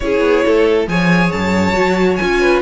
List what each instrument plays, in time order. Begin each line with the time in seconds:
0.00 cello C#4, viola E4, violin G#4 C#5
0.20 cello B3
0.45 cello A3, violin A4
0.87 cello F3, viola G#4, violin C#5 G#5
1.31 cello F#2, violin A5
1.72 cello F#3, viola F#4
2.15 cello C#4, viola F4, violin G#5
2.40 violin B4